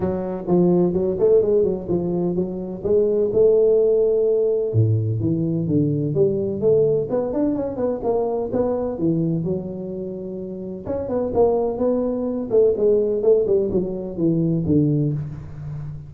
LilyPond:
\new Staff \with { instrumentName = "tuba" } { \time 4/4 \tempo 4 = 127 fis4 f4 fis8 a8 gis8 fis8 | f4 fis4 gis4 a4~ | a2 a,4 e4 | d4 g4 a4 b8 d'8 |
cis'8 b8 ais4 b4 e4 | fis2. cis'8 b8 | ais4 b4. a8 gis4 | a8 g8 fis4 e4 d4 | }